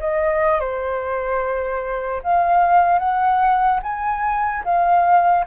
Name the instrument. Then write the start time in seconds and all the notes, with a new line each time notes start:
flute
0.00 D#5
0.60 C5
2.24 F5
2.99 F#5
3.83 G#5
4.65 F5